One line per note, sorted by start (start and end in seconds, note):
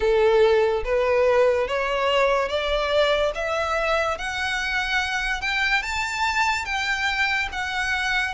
0.00 0.83 A4
0.84 1.67 B4
1.67 2.48 C#5
2.48 3.31 D5
3.34 4.17 E5
4.18 5.41 F#5
5.41 5.82 G5
5.82 6.65 A5
6.65 7.48 G5
7.52 8.34 F#5